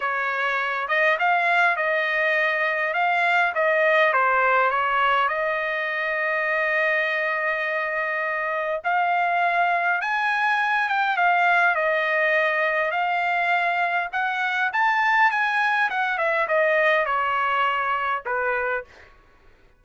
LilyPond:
\new Staff \with { instrumentName = "trumpet" } { \time 4/4 \tempo 4 = 102 cis''4. dis''8 f''4 dis''4~ | dis''4 f''4 dis''4 c''4 | cis''4 dis''2.~ | dis''2. f''4~ |
f''4 gis''4. g''8 f''4 | dis''2 f''2 | fis''4 a''4 gis''4 fis''8 e''8 | dis''4 cis''2 b'4 | }